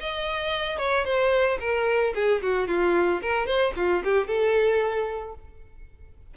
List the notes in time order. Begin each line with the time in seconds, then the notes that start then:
0.00 D#5
0.78 C#5
1.05 C5
1.60 A#4
2.15 G#4
2.42 F#4
2.68 F4
3.22 A#4
3.47 C5
3.76 F4
4.04 G4
4.27 A4